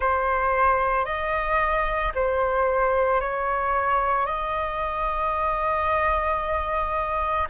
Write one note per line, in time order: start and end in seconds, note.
0.00 1.05 C5
1.05 2.12 D#5
2.14 3.20 C5
3.20 4.26 C#5
4.26 7.47 D#5